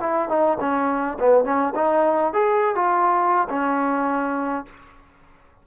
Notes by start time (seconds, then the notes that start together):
0.00 E4
0.28 D#4
0.60 C#4
1.19 B3
1.44 C#4
1.75 D#4
2.33 G#4
2.75 F4
3.49 C#4